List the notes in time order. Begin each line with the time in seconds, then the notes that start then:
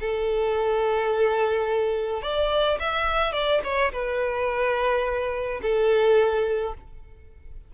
0.00 A4
2.22 D5
2.79 E5
3.32 D5
3.63 C#5
3.92 B4
5.62 A4